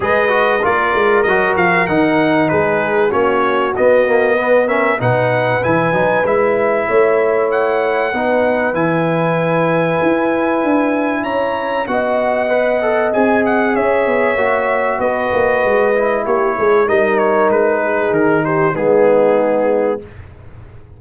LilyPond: <<
  \new Staff \with { instrumentName = "trumpet" } { \time 4/4 \tempo 4 = 96 dis''4 d''4 dis''8 f''8 fis''4 | b'4 cis''4 dis''4. e''8 | fis''4 gis''4 e''2 | fis''2 gis''2~ |
gis''2 ais''4 fis''4~ | fis''4 gis''8 fis''8 e''2 | dis''2 cis''4 dis''8 cis''8 | b'4 ais'8 c''8 gis'2 | }
  \new Staff \with { instrumentName = "horn" } { \time 4/4 b'4 ais'2. | gis'4 fis'2 b'8 ais'8 | b'2. cis''4~ | cis''4 b'2.~ |
b'2 cis''4 dis''4~ | dis''2 cis''2 | b'2 g'8 gis'8 ais'4~ | ais'8 gis'4 g'8 dis'2 | }
  \new Staff \with { instrumentName = "trombone" } { \time 4/4 gis'8 fis'8 f'4 fis'4 dis'4~ | dis'4 cis'4 b8 ais8 b8 cis'8 | dis'4 e'8 dis'8 e'2~ | e'4 dis'4 e'2~ |
e'2. fis'4 | b'8 a'8 gis'2 fis'4~ | fis'4. e'4. dis'4~ | dis'2 b2 | }
  \new Staff \with { instrumentName = "tuba" } { \time 4/4 gis4 ais8 gis8 fis8 f8 dis4 | gis4 ais4 b2 | b,4 e8 fis8 gis4 a4~ | a4 b4 e2 |
e'4 d'4 cis'4 b4~ | b4 c'4 cis'8 b8 ais4 | b8 ais8 gis4 ais8 gis8 g4 | gis4 dis4 gis2 | }
>>